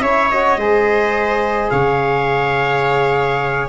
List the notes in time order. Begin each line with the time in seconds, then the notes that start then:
0.00 C#4 E4 C#5 E5
0.30 F#4 D#5
0.56 G#3 G#4 C5
1.70 C#3 C#5 F5